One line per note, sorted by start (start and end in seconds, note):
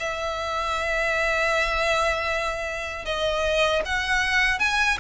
0.00 3.06 E5
3.06 3.83 D#5
3.85 4.59 F#5
4.59 4.98 G#5